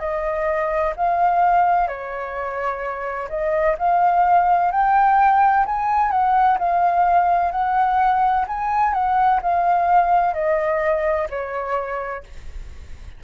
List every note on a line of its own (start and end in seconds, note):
0.00 0.94 D#5
0.96 1.88 F5
1.88 3.29 C#5
3.29 3.76 D#5
3.78 4.72 F5
4.72 5.65 G5
5.66 6.12 G#5
6.12 6.58 F#5
6.59 7.52 F5
7.52 8.45 F#5
8.48 8.94 G#5
8.94 9.40 F#5
9.43 10.34 F5
10.34 11.28 D#5
11.30 12.24 C#5